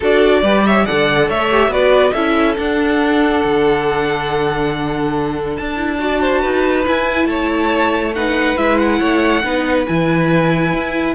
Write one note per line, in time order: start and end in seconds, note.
0.00 0.42 D4
0.00 0.43 F#4
0.00 0.40 A4
0.00 0.66 D5
0.42 0.85 G3
0.42 0.86 G4
0.42 0.63 B4
0.66 0.85 C#5
0.66 0.85 E5
0.85 1.29 D3
0.85 1.51 A4
0.85 1.28 D5
0.85 1.28 F#5
1.28 1.68 A3
1.28 1.70 C#5
1.28 1.72 E5
1.51 1.70 G4
1.68 2.10 B3
1.68 2.13 F#4
1.68 2.13 B4
1.68 2.12 D5
2.12 2.56 C#4
2.12 2.56 E4
2.12 5.99 A4
2.12 2.55 E5
2.56 5.75 D4
2.56 3.43 D4
2.56 5.56 F#5
3.44 5.58 D3
5.56 6.43 D4
5.56 6.84 A5
5.75 5.97 E4
5.99 6.84 F#4
5.99 6.20 D5
6.20 6.41 C5
6.41 6.86 D#4
6.41 7.26 B4
6.84 8.13 E4
6.84 7.25 E4
6.84 7.26 G#5
7.25 8.53 A3
7.25 8.14 C#5
7.25 8.12 A5
8.15 8.56 D#4
8.15 8.99 B4
8.15 8.57 F#5
8.56 9.00 G#3
8.56 9.42 E4
8.56 8.78 E5
8.78 9.85 F#5
8.99 9.43 A3
8.99 9.42 C#5
9.43 9.86 B3
9.43 9.86 D#4
9.43 11.14 B4
9.86 10.73 E3
9.86 11.14 E4
9.86 11.14 G#5
10.73 11.14 E4